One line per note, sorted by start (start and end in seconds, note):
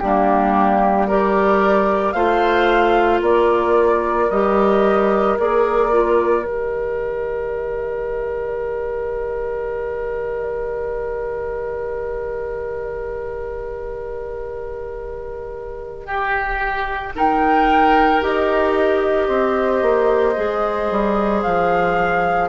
0.00 2.14 G3
0.00 1.09 A#3
0.00 1.07 D4
0.00 1.07 G4
1.07 2.16 G4
1.07 2.15 A#4
1.07 2.12 D5
2.12 3.21 A3
2.12 4.30 F4
2.12 3.22 C5
2.12 3.20 F5
3.22 4.29 A#3
3.22 16.06 A#4
3.22 4.31 D5
4.31 5.38 G3
4.31 5.39 G4
4.31 5.38 D#5
5.39 6.45 A#3
5.39 5.92 G#4
5.39 6.46 D5
5.92 6.43 F4
6.43 18.23 D#3
6.43 17.15 G4
6.43 17.17 D#5
16.06 17.13 G4
17.15 18.21 D#4
17.15 19.28 A#4
17.15 18.23 G5
18.21 19.29 D#4
18.21 20.36 G4
18.21 21.42 D#5
19.28 19.82 C4
19.28 22.49 C5
19.82 20.36 A#3
20.36 20.91 G#3
20.36 22.49 G#4
20.91 21.44 G3
21.42 22.49 F3
21.42 22.49 F5